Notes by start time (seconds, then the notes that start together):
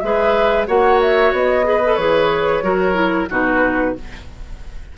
0.00 G#3 G#4 B4 E5
0.67 A#3 F#4 C#5 F#5
1.01 E5
1.32 B3 D#5
1.64 G#4 B4
1.85 A4
1.95 E3 G#4 C#5
2.62 F#3 F#4 A#4
2.94 E4
3.29 B2 D#4 F#4 B4